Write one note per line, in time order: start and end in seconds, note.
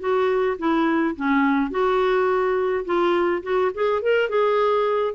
0.00 0.57 F#4
0.59 1.16 E4
1.16 1.71 C#4
1.71 2.85 F#4
2.85 3.42 F4
3.43 3.72 F#4
3.74 4.02 G#4
4.02 4.29 A#4
4.29 5.15 G#4